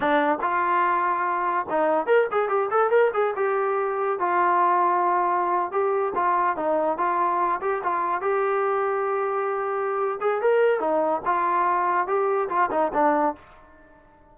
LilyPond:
\new Staff \with { instrumentName = "trombone" } { \time 4/4 \tempo 4 = 144 d'4 f'2. | dis'4 ais'8 gis'8 g'8 a'8 ais'8 gis'8 | g'2 f'2~ | f'4.~ f'16 g'4 f'4 dis'16~ |
dis'8. f'4. g'8 f'4 g'16~ | g'1~ | g'8 gis'8 ais'4 dis'4 f'4~ | f'4 g'4 f'8 dis'8 d'4 | }